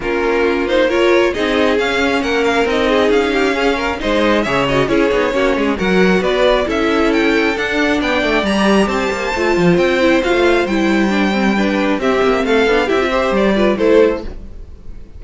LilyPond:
<<
  \new Staff \with { instrumentName = "violin" } { \time 4/4 \tempo 4 = 135 ais'4. c''8 cis''4 dis''4 | f''4 fis''8 f''8 dis''4 f''4~ | f''4 dis''4 e''8 dis''8 cis''4~ | cis''4 fis''4 d''4 e''4 |
g''4 fis''4 g''4 ais''4 | a''2 g''4 f''4 | g''2. e''4 | f''4 e''4 d''4 c''4 | }
  \new Staff \with { instrumentName = "violin" } { \time 4/4 f'2 ais'4 gis'4~ | gis'4 ais'4. gis'4 g'8 | gis'8 ais'8 c''4 cis''4 gis'4 | fis'8 gis'8 ais'4 b'4 a'4~ |
a'2 d''2 | c''1~ | c''2 b'4 g'4 | a'4 g'8 c''4 b'8 a'4 | }
  \new Staff \with { instrumentName = "viola" } { \time 4/4 cis'4. dis'8 f'4 dis'4 | cis'2 dis'2 | cis'4 dis'4 gis'8 fis'8 e'8 dis'8 | cis'4 fis'2 e'4~ |
e'4 d'2 g'4~ | g'4 f'4. e'8 f'4 | e'4 d'8 c'8 d'4 c'4~ | c'8 d'8 e'16 f'16 g'4 f'8 e'4 | }
  \new Staff \with { instrumentName = "cello" } { \time 4/4 ais2. c'4 | cis'4 ais4 c'4 cis'4~ | cis'4 gis4 cis4 cis'8 b8 | ais8 gis8 fis4 b4 cis'4~ |
cis'4 d'4 b8 a8 g4 | c'8 ais8 a8 f8 c'4 fis'16 a8. | g2. c'8 ais8 | a8 b8 c'4 g4 a4 | }
>>